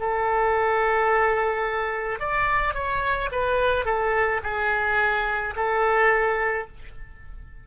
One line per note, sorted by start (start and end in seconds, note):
0.00 2.20 A4
2.20 2.74 D5
2.74 3.30 C#5
3.32 3.85 B4
3.85 4.41 A4
4.43 5.55 G#4
5.56 6.67 A4